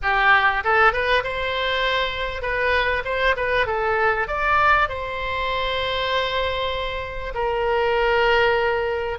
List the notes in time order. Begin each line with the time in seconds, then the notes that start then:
0.02 G4
0.63 A4
0.92 B4
1.23 C5
2.42 B4
3.04 C5
3.36 B4
3.66 A4
4.27 D5
4.88 C5
7.34 A#4